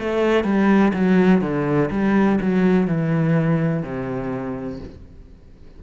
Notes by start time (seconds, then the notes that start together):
0.00 A3
0.44 G3
0.94 F#3
1.41 D3
1.91 G3
2.41 F#3
2.87 E3
3.83 C3